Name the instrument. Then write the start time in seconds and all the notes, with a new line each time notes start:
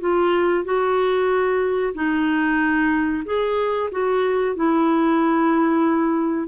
clarinet
0.00 F4
0.65 F#4
1.94 D#4
3.25 G#4
3.91 F#4
4.56 E4